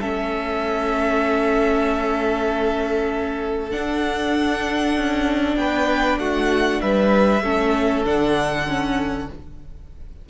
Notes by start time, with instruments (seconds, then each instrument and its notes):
0.00 cello A3, viola C#4, violin A4 E5
3.70 viola D4, cello D4, violin F#5
4.97 cello C#4
5.56 cello B3, violin B4 G5
6.18 cello A3, violin F#4 F#5
6.81 cello G3, violin B4 E5
7.42 cello A3, viola C#4, violin A4
8.05 cello D3, viola D4, violin F#5
8.67 viola C#4